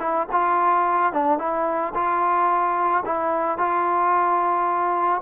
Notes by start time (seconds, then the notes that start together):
0.00 E4
0.32 F4
1.13 D4
1.39 E4
1.95 F4
3.06 E4
3.59 F4